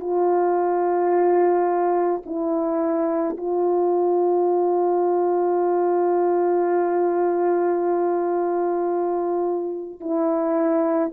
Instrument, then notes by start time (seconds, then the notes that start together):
horn
0.00 F4
2.26 E4
3.37 F4
10.01 E4